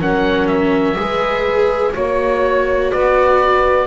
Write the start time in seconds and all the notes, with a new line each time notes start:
0.00 F#3 C#4 A#4 F#5
0.47 E5
0.95 G#3 G#4 B4
1.93 A#3 F#4 C#5
2.91 B3 B4 D5